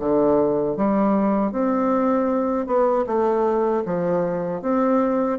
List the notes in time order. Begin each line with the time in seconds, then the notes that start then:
0.00 D3
0.77 G3
1.52 C4
2.67 B3
3.07 A3
3.86 F3
4.62 C4